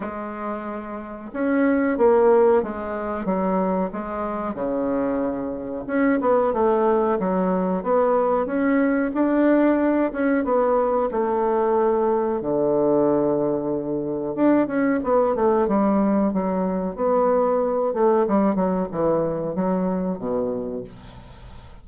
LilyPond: \new Staff \with { instrumentName = "bassoon" } { \time 4/4 \tempo 4 = 92 gis2 cis'4 ais4 | gis4 fis4 gis4 cis4~ | cis4 cis'8 b8 a4 fis4 | b4 cis'4 d'4. cis'8 |
b4 a2 d4~ | d2 d'8 cis'8 b8 a8 | g4 fis4 b4. a8 | g8 fis8 e4 fis4 b,4 | }